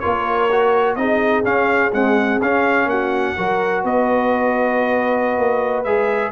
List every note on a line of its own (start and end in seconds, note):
0.00 0.96 A#3
0.00 0.50 F4
0.00 0.98 A#4
0.00 0.95 C#5
0.51 0.98 F#4
0.96 1.44 C4
0.96 1.44 D#4
0.96 2.90 G#4
0.96 1.43 D#5
1.44 1.91 C#4
1.44 1.92 C#4
1.44 1.93 F5
1.93 2.41 G#3
1.93 2.42 C4
1.93 2.41 F#5
2.42 2.86 C#4
2.42 3.37 C#4
2.42 2.89 F5
2.86 3.34 A#3
2.86 3.37 F#4
2.86 3.84 F#5
3.37 3.84 F#3
3.37 5.85 F#4
3.37 3.84 A#4
3.84 5.38 B3
3.84 6.32 B4
3.84 5.84 D#5
5.38 5.85 A#3
5.84 6.32 G#3
5.84 6.32 G#4
5.84 6.32 E5